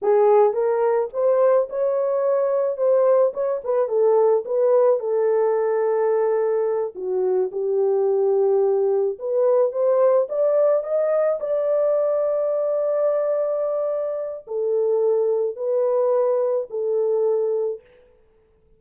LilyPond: \new Staff \with { instrumentName = "horn" } { \time 4/4 \tempo 4 = 108 gis'4 ais'4 c''4 cis''4~ | cis''4 c''4 cis''8 b'8 a'4 | b'4 a'2.~ | a'8 fis'4 g'2~ g'8~ |
g'8 b'4 c''4 d''4 dis''8~ | dis''8 d''2.~ d''8~ | d''2 a'2 | b'2 a'2 | }